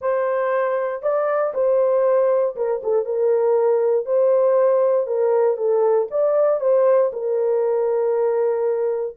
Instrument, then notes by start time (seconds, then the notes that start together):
horn
0.01 C5
1.02 D5
1.54 C5
2.56 A#4
2.83 A4
3.05 A#4
4.05 C5
5.06 A#4
5.57 A4
6.10 D5
6.60 C5
7.13 A#4